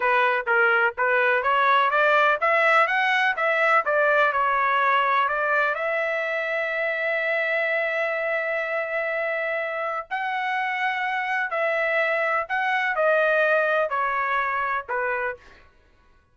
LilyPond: \new Staff \with { instrumentName = "trumpet" } { \time 4/4 \tempo 4 = 125 b'4 ais'4 b'4 cis''4 | d''4 e''4 fis''4 e''4 | d''4 cis''2 d''4 | e''1~ |
e''1~ | e''4 fis''2. | e''2 fis''4 dis''4~ | dis''4 cis''2 b'4 | }